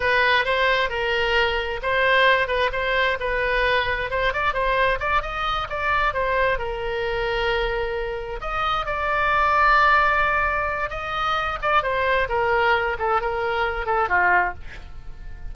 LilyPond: \new Staff \with { instrumentName = "oboe" } { \time 4/4 \tempo 4 = 132 b'4 c''4 ais'2 | c''4. b'8 c''4 b'4~ | b'4 c''8 d''8 c''4 d''8 dis''8~ | dis''8 d''4 c''4 ais'4.~ |
ais'2~ ais'8 dis''4 d''8~ | d''1 | dis''4. d''8 c''4 ais'4~ | ais'8 a'8 ais'4. a'8 f'4 | }